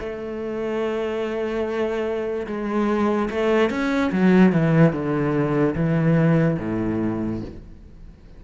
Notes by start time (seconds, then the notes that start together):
0.00 A3
2.47 G#3
3.31 A3
3.71 C#4
4.12 F#3
4.53 E3
4.93 D3
5.76 E3
6.60 A2